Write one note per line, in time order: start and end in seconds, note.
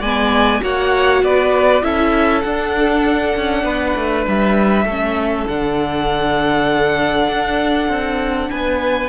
0.00 0.61 G#3
0.00 0.61 B3
0.00 0.61 D5
0.00 0.62 G#5
0.61 1.22 A#3
0.61 1.82 F#4
0.61 1.23 C#5
0.61 1.24 F#5
1.22 1.83 B3
1.22 1.84 B4
1.22 1.84 D5
1.82 2.44 C#4
1.82 2.43 E4
1.82 3.64 A4
1.82 2.41 E5
2.41 3.35 D4
2.41 4.88 D4
2.41 4.22 F#5
3.36 3.63 C#4
3.63 3.94 B3
3.63 4.85 B4
3.96 4.26 A3
4.27 4.84 G3
4.27 5.47 E5
4.84 5.45 A3
4.84 5.48 C#4
4.84 8.50 A4
5.47 7.28 D3
5.47 9.08 D4
5.47 8.50 F#5
7.28 7.88 D4
7.88 8.48 C4
8.50 9.08 B3
8.50 9.08 B4
8.50 9.08 G#5